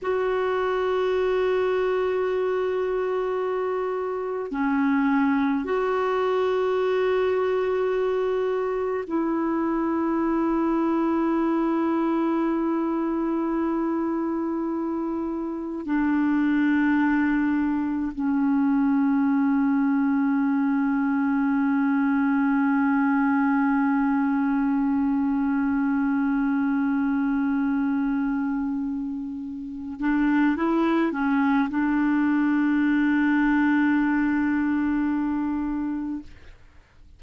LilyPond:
\new Staff \with { instrumentName = "clarinet" } { \time 4/4 \tempo 4 = 53 fis'1 | cis'4 fis'2. | e'1~ | e'2 d'2 |
cis'1~ | cis'1~ | cis'2~ cis'8 d'8 e'8 cis'8 | d'1 | }